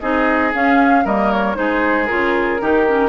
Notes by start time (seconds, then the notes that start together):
0.00 C4 D#4 G#4 D#5
0.53 C#4 F5
1.04 G3 A#3 A#4 D#5
1.32 C#5
1.55 G#3 D#4 G#4 C5
2.06 C#3 F4 A#4
2.60 D#3 D#4 G4
2.87 C#4